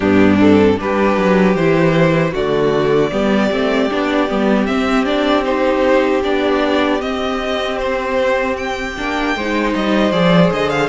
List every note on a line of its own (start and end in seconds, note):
0.00 0.78 G2
0.00 0.38 B3
0.00 0.76 D4
0.00 0.37 G4
0.38 0.76 C4
0.38 0.79 A4
0.76 1.17 G3
0.76 1.54 D4
0.76 1.55 B4
0.82 2.32 G4
1.17 1.55 F#3
1.55 2.33 E3
1.55 2.35 E4
1.55 2.33 C5
2.32 3.11 D3
2.32 3.11 A3
2.32 3.10 F#4
2.32 4.65 D5
3.11 3.50 G3
3.11 3.50 B3
3.11 9.35 G4
3.50 3.90 A3
3.50 3.89 C4
3.89 4.30 B3
3.89 4.28 D4
4.28 4.68 G3
4.28 4.66 B3
4.65 5.05 C4
4.65 6.24 C4
4.65 5.04 E5
5.05 5.44 D4
5.05 5.44 D5
5.44 6.22 D#4
5.44 6.22 C5
6.23 7.01 B3
6.23 7.00 D4
6.23 7.01 D5
7.00 8.94 C4
7.00 8.96 C4
7.00 7.78 D#5
7.78 8.56 C5
8.56 9.73 G5
8.97 9.35 A#3
8.97 9.36 D4
9.35 9.74 G#3
9.35 10.11 D#4
9.35 10.89 C5
9.75 10.11 G3
9.75 10.11 D#5
10.11 10.50 F3
10.11 10.89 G#4
10.11 10.50 D5
10.51 10.89 D3
10.51 10.69 D#5
10.69 10.89 F5